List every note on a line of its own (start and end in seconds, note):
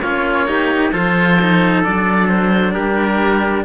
0.00 0.92 A#3
0.00 0.47 C#4
0.00 0.48 F4
0.00 0.91 C#5
0.47 0.92 D#4
0.47 0.92 G4
0.92 1.83 F3
0.92 1.38 F4
0.92 2.74 A4
0.92 1.83 C5
1.40 1.84 D#4
1.84 2.75 F#3
1.84 3.64 D4
1.84 2.28 D5
2.28 2.73 C5
2.73 3.64 G3
2.73 3.64 G4
2.73 3.64 A#4